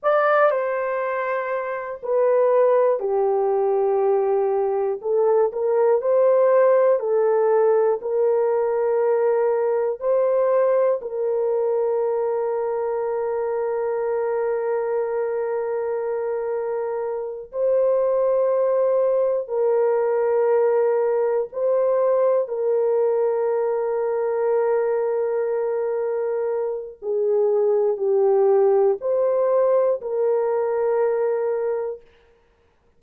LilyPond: \new Staff \with { instrumentName = "horn" } { \time 4/4 \tempo 4 = 60 d''8 c''4. b'4 g'4~ | g'4 a'8 ais'8 c''4 a'4 | ais'2 c''4 ais'4~ | ais'1~ |
ais'4. c''2 ais'8~ | ais'4. c''4 ais'4.~ | ais'2. gis'4 | g'4 c''4 ais'2 | }